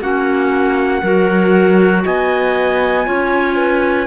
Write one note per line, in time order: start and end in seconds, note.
0.00 1.02 A#3
0.00 1.03 C#4
0.00 1.00 F#4
0.00 2.05 F#5
1.00 2.04 F#3
1.00 3.04 F#4
1.00 2.01 A#4
2.04 3.07 B3
2.04 3.06 D#5
2.04 4.06 G#5
3.04 4.06 C#4
3.04 4.06 F4
3.04 3.56 C#5
3.56 4.06 B4